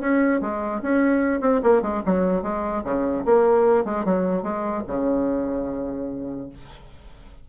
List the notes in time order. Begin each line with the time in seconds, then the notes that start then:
0.00 C#4
0.41 G#3
0.82 C#4
1.41 C4
1.63 A#3
1.82 G#3
2.05 F#3
2.42 G#3
2.84 C#3
3.25 A#3
3.85 G#3
4.05 F#3
4.43 G#3
4.87 C#3